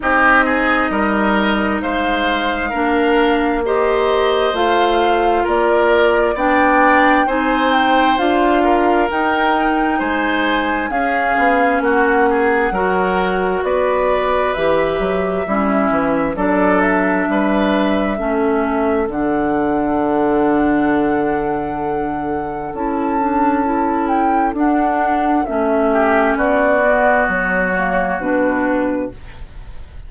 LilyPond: <<
  \new Staff \with { instrumentName = "flute" } { \time 4/4 \tempo 4 = 66 dis''2 f''2 | dis''4 f''4 d''4 g''4 | gis''8 g''8 f''4 g''4 gis''4 | f''4 fis''2 d''4 |
e''2 d''8 e''4.~ | e''4 fis''2.~ | fis''4 a''4. g''8 fis''4 | e''4 d''4 cis''4 b'4 | }
  \new Staff \with { instrumentName = "oboe" } { \time 4/4 g'8 gis'8 ais'4 c''4 ais'4 | c''2 ais'4 d''4 | c''4. ais'4. c''4 | gis'4 fis'8 gis'8 ais'4 b'4~ |
b'4 e'4 a'4 b'4 | a'1~ | a'1~ | a'8 g'8 fis'2. | }
  \new Staff \with { instrumentName = "clarinet" } { \time 4/4 dis'2. d'4 | g'4 f'2 d'4 | dis'4 f'4 dis'2 | cis'2 fis'2 |
g'4 cis'4 d'2 | cis'4 d'2.~ | d'4 e'8 d'8 e'4 d'4 | cis'4. b4 ais8 d'4 | }
  \new Staff \with { instrumentName = "bassoon" } { \time 4/4 c'4 g4 gis4 ais4~ | ais4 a4 ais4 b4 | c'4 d'4 dis'4 gis4 | cis'8 b8 ais4 fis4 b4 |
e8 fis8 g8 e8 fis4 g4 | a4 d2.~ | d4 cis'2 d'4 | a4 b4 fis4 b,4 | }
>>